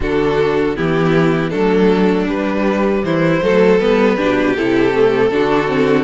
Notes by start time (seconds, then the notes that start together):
0.00 D3 D4 F#4 A4
0.75 E3 B3 E4 G4
1.50 F#3 A3 D4 A4
2.26 G3 B4
3.03 E3 E4 C5
3.41 F#3 A3 A4
3.79 G3 B3 B4
4.15 B2 D4 G4
4.55 C3 E4 A4
4.91 A3
5.31 D3 D4 F#4
5.67 C4